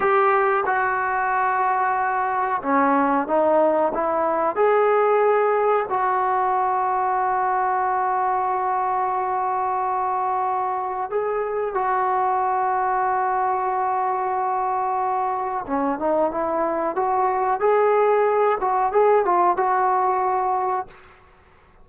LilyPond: \new Staff \with { instrumentName = "trombone" } { \time 4/4 \tempo 4 = 92 g'4 fis'2. | cis'4 dis'4 e'4 gis'4~ | gis'4 fis'2.~ | fis'1~ |
fis'4 gis'4 fis'2~ | fis'1 | cis'8 dis'8 e'4 fis'4 gis'4~ | gis'8 fis'8 gis'8 f'8 fis'2 | }